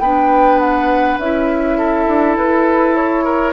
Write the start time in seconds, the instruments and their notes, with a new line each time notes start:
0.00 bassoon B3, clarinet D4, oboe B4, flute G5
0.59 flute F#5
1.19 bassoon C#4, clarinet E4, flute E5
1.78 oboe A4
2.08 bassoon D4
2.37 bassoon E4, flute B4
2.95 flute C#5
3.24 oboe A#4